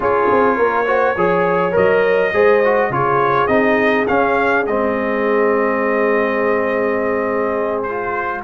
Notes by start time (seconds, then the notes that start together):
0.00 C#4 F4 G#4 C#5
0.31 C4
0.56 A#3 A#4
0.86 F#4 C5
1.15 F3 G#4 C#5
1.71 F#3 A#4 D#5
2.33 G#3 G#4 C5
2.64 F#4
2.90 C#3 F4 G#4 C#5
3.47 C4 D#4 D#5
4.07 C#4 F5
4.66 G#3 C4 D#5
7.82 F4 C5